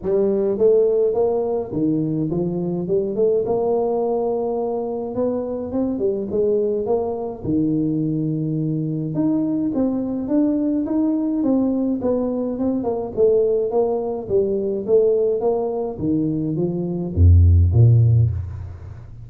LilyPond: \new Staff \with { instrumentName = "tuba" } { \time 4/4 \tempo 4 = 105 g4 a4 ais4 dis4 | f4 g8 a8 ais2~ | ais4 b4 c'8 g8 gis4 | ais4 dis2. |
dis'4 c'4 d'4 dis'4 | c'4 b4 c'8 ais8 a4 | ais4 g4 a4 ais4 | dis4 f4 f,4 ais,4 | }